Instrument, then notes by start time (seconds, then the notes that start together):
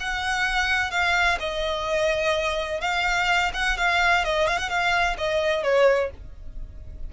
violin
0.00 F#5
0.91 F5
1.40 D#5
2.81 F5
3.54 F#5
3.77 F5
4.25 D#5
4.47 F5
4.59 F#5
4.69 F5
5.18 D#5
5.63 C#5